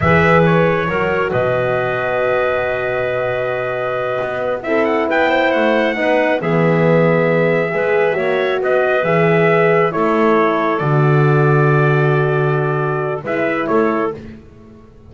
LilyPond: <<
  \new Staff \with { instrumentName = "trumpet" } { \time 4/4 \tempo 4 = 136 e''4 cis''2 dis''4~ | dis''1~ | dis''2~ dis''8 e''8 fis''8 g''8~ | g''8 fis''2 e''4.~ |
e''2.~ e''8 dis''8~ | dis''8 e''2 cis''4.~ | cis''8 d''2.~ d''8~ | d''2 e''4 cis''4 | }
  \new Staff \with { instrumentName = "clarinet" } { \time 4/4 b'2 ais'4 b'4~ | b'1~ | b'2~ b'8 a'4 b'8 | c''4. b'4 gis'4.~ |
gis'4. b'4 cis''4 b'8~ | b'2~ b'8 a'4.~ | a'1~ | a'2 b'4 a'4 | }
  \new Staff \with { instrumentName = "horn" } { \time 4/4 gis'2 fis'2~ | fis'1~ | fis'2~ fis'8 e'4.~ | e'4. dis'4 b4.~ |
b4. gis'4 fis'4.~ | fis'8 gis'2 e'4.~ | e'8 fis'2.~ fis'8~ | fis'2 e'2 | }
  \new Staff \with { instrumentName = "double bass" } { \time 4/4 e2 fis4 b,4~ | b,1~ | b,4. b4 c'4 b8~ | b8 a4 b4 e4.~ |
e4. gis4 ais4 b8~ | b8 e2 a4.~ | a8 d2.~ d8~ | d2 gis4 a4 | }
>>